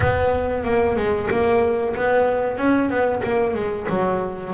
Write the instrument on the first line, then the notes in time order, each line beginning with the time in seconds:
double bass
0.00 B3
0.64 A#3
0.96 G#3
1.30 A#3
1.96 B3
2.57 C#4
2.89 B3
3.23 A#3
3.54 G#3
3.89 F#3